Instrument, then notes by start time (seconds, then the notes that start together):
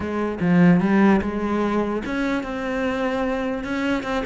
cello
0.00 G#3
0.40 F3
0.80 G3
1.21 G#3
2.05 C#4
2.43 C4
3.64 C#4
4.03 C4